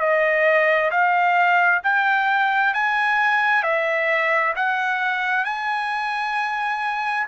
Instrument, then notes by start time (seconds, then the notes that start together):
trumpet
0.00 D#5
0.91 F5
1.83 G5
2.74 G#5
3.63 E5
4.56 F#5
5.45 G#5